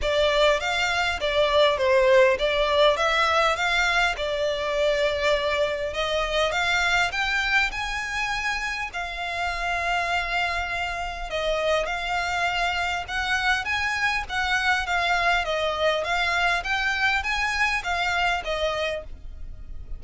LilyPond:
\new Staff \with { instrumentName = "violin" } { \time 4/4 \tempo 4 = 101 d''4 f''4 d''4 c''4 | d''4 e''4 f''4 d''4~ | d''2 dis''4 f''4 | g''4 gis''2 f''4~ |
f''2. dis''4 | f''2 fis''4 gis''4 | fis''4 f''4 dis''4 f''4 | g''4 gis''4 f''4 dis''4 | }